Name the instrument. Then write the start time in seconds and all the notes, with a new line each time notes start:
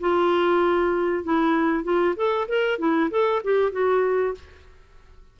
clarinet
0.00 F4
1.24 E4
1.84 F4
2.16 A4
2.48 A#4
2.79 E4
3.11 A4
3.44 G4
3.72 F#4